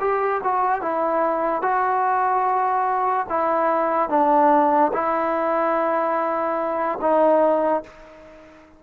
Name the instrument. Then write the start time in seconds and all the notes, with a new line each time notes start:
trombone
0.00 G4
0.44 F#4
0.82 E4
1.62 F#4
3.29 E4
4.09 D4
4.93 E4
7.01 D#4